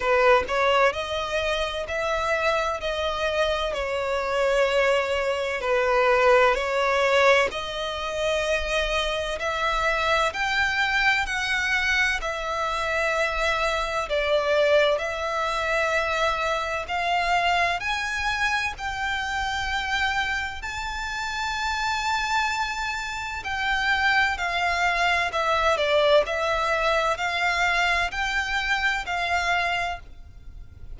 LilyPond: \new Staff \with { instrumentName = "violin" } { \time 4/4 \tempo 4 = 64 b'8 cis''8 dis''4 e''4 dis''4 | cis''2 b'4 cis''4 | dis''2 e''4 g''4 | fis''4 e''2 d''4 |
e''2 f''4 gis''4 | g''2 a''2~ | a''4 g''4 f''4 e''8 d''8 | e''4 f''4 g''4 f''4 | }